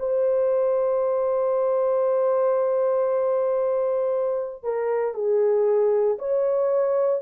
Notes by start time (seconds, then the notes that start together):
0.00 C5
4.64 A#4
5.15 G#4
6.19 C#5